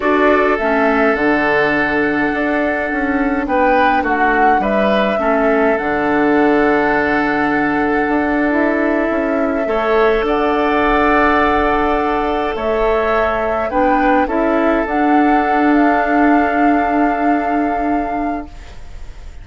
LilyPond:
<<
  \new Staff \with { instrumentName = "flute" } { \time 4/4 \tempo 4 = 104 d''4 e''4 fis''2~ | fis''2 g''4 fis''4 | e''2 fis''2~ | fis''2~ fis''8. e''4~ e''16~ |
e''4.~ e''16 fis''2~ fis''16~ | fis''4.~ fis''16 e''2 g''16~ | g''8. e''4 fis''4. f''8.~ | f''1 | }
  \new Staff \with { instrumentName = "oboe" } { \time 4/4 a'1~ | a'2 b'4 fis'4 | b'4 a'2.~ | a'1~ |
a'8. cis''4 d''2~ d''16~ | d''4.~ d''16 cis''2 b'16~ | b'8. a'2.~ a'16~ | a'1 | }
  \new Staff \with { instrumentName = "clarinet" } { \time 4/4 fis'4 cis'4 d'2~ | d'1~ | d'4 cis'4 d'2~ | d'2~ d'8. e'4~ e'16~ |
e'8. a'2.~ a'16~ | a'2.~ a'8. d'16~ | d'8. e'4 d'2~ d'16~ | d'1 | }
  \new Staff \with { instrumentName = "bassoon" } { \time 4/4 d'4 a4 d2 | d'4 cis'4 b4 a4 | g4 a4 d2~ | d2 d'4.~ d'16 cis'16~ |
cis'8. a4 d'2~ d'16~ | d'4.~ d'16 a2 b16~ | b8. cis'4 d'2~ d'16~ | d'1 | }
>>